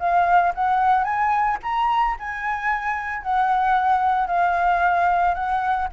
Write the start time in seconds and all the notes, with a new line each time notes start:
0.00 F5
0.55 F#5
1.04 G#5
1.63 A#5
2.19 G#5
3.23 F#5
4.28 F5
5.35 F#5